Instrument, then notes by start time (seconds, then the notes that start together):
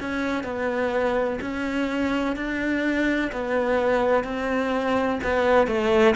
cello
0.00 C#4
0.44 B3
1.41 C#4
2.36 D4
3.32 B3
4.24 C4
5.24 B3
5.67 A3